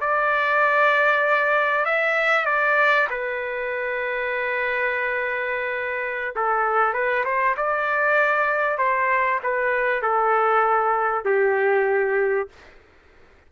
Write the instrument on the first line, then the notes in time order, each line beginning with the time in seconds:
trumpet
0.00 D5
1.85 E5
2.45 D5
3.10 B4
6.35 A4
6.93 B4
7.24 C5
7.57 D5
8.78 C5
9.43 B4
10.02 A4
11.25 G4